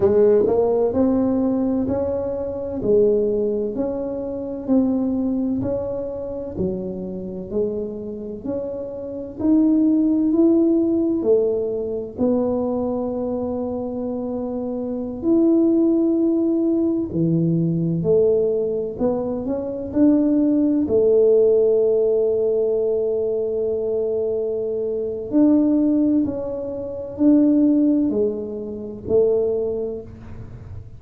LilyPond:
\new Staff \with { instrumentName = "tuba" } { \time 4/4 \tempo 4 = 64 gis8 ais8 c'4 cis'4 gis4 | cis'4 c'4 cis'4 fis4 | gis4 cis'4 dis'4 e'4 | a4 b2.~ |
b16 e'2 e4 a8.~ | a16 b8 cis'8 d'4 a4.~ a16~ | a2. d'4 | cis'4 d'4 gis4 a4 | }